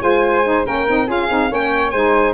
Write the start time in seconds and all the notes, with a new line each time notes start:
0.00 G#3 F4 C5 G#5
0.44 D#4
0.65 A#3 C#4 A#4 G5
0.88 C4 D#4
1.07 C#4 F4 G#4 F5
1.28 C4 D#4
1.50 A#3 C#4 C#5 G5
1.90 G#3 D#4 C5 G#5